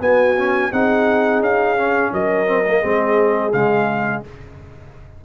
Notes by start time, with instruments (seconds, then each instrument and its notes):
0.00 tuba B3, trombone B3, horn F#4, trumpet G#5
0.37 trombone C#4
0.71 tuba C4, trombone D#4, horn G#4, trumpet F#5
1.40 tuba C#4, trumpet F5
1.77 trombone C#4
2.12 tuba F#3, horn A#4, trumpet D#5
2.46 trombone C4
2.66 trombone A#3
2.80 tuba G#3, trombone C4, horn G#4
3.52 tuba C#3, trombone G#3, trumpet F5